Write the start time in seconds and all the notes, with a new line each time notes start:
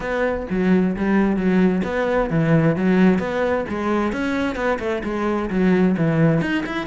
0.00 B3
0.50 F#3
0.96 G3
1.36 F#3
1.84 B3
2.30 E3
2.75 F#3
3.19 B3
3.68 G#3
4.12 C#4
4.55 B3
4.79 A3
5.03 G#3
5.50 F#3
5.97 E3
6.41 D#4
6.66 E4